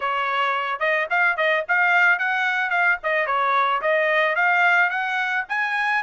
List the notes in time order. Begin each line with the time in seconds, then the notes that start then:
0.00 C#5
0.79 D#5
1.10 F5
1.36 D#5
1.68 F5
2.18 F#5
2.70 F5
3.03 D#5
3.26 C#5
3.81 D#5
4.35 F5
4.90 F#5
5.48 G#5